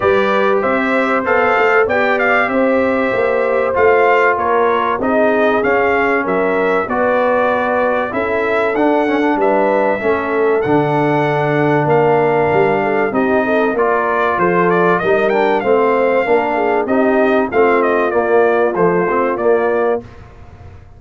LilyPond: <<
  \new Staff \with { instrumentName = "trumpet" } { \time 4/4 \tempo 4 = 96 d''4 e''4 f''4 g''8 f''8 | e''2 f''4 cis''4 | dis''4 f''4 e''4 d''4~ | d''4 e''4 fis''4 e''4~ |
e''4 fis''2 f''4~ | f''4 dis''4 d''4 c''8 d''8 | dis''8 g''8 f''2 dis''4 | f''8 dis''8 d''4 c''4 d''4 | }
  \new Staff \with { instrumentName = "horn" } { \time 4/4 b'4 c''2 d''4 | c''2. ais'4 | gis'2 ais'4 b'4~ | b'4 a'2 b'4 |
a'2. ais'4~ | ais'8 a'8 g'8 a'8 ais'4 a'4 | ais'4 c''4 ais'8 gis'8 g'4 | f'1 | }
  \new Staff \with { instrumentName = "trombone" } { \time 4/4 g'2 a'4 g'4~ | g'2 f'2 | dis'4 cis'2 fis'4~ | fis'4 e'4 d'8 cis'16 d'4~ d'16 |
cis'4 d'2.~ | d'4 dis'4 f'2 | dis'8 d'8 c'4 d'4 dis'4 | c'4 ais4 f8 c'8 ais4 | }
  \new Staff \with { instrumentName = "tuba" } { \time 4/4 g4 c'4 b8 a8 b4 | c'4 ais4 a4 ais4 | c'4 cis'4 fis4 b4~ | b4 cis'4 d'4 g4 |
a4 d2 ais4 | g4 c'4 ais4 f4 | g4 a4 ais4 c'4 | a4 ais4 a4 ais4 | }
>>